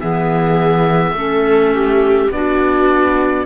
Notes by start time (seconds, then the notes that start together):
0.00 E3 B3 G#4 E5
1.12 A3 C#4 A4
1.75 G4
2.31 B3 D4 F#4 D5